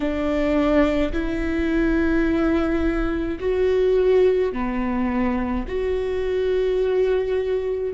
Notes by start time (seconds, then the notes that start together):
0.00 D4
1.12 E4
3.40 F#4
4.52 B3
5.68 F#4